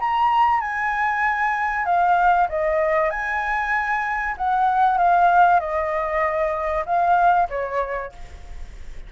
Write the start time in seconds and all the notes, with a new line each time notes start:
0.00 A#5
0.61 G#5
1.86 F5
2.49 D#5
3.11 G#5
4.38 F#5
4.98 F5
5.60 D#5
6.86 F5
7.50 C#5